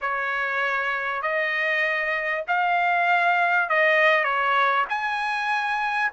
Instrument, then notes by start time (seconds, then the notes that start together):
trumpet
0.01 C#5
1.22 D#5
2.47 F5
3.69 D#5
4.24 C#5
4.89 G#5